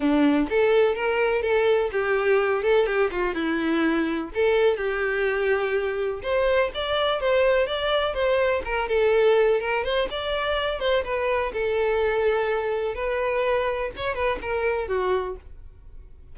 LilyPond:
\new Staff \with { instrumentName = "violin" } { \time 4/4 \tempo 4 = 125 d'4 a'4 ais'4 a'4 | g'4. a'8 g'8 f'8 e'4~ | e'4 a'4 g'2~ | g'4 c''4 d''4 c''4 |
d''4 c''4 ais'8 a'4. | ais'8 c''8 d''4. c''8 b'4 | a'2. b'4~ | b'4 cis''8 b'8 ais'4 fis'4 | }